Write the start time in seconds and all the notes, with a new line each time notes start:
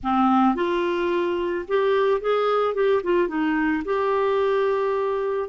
0.03 C4
0.55 F4
1.67 G4
2.20 G#4
2.74 G4
3.03 F4
3.28 D#4
3.84 G4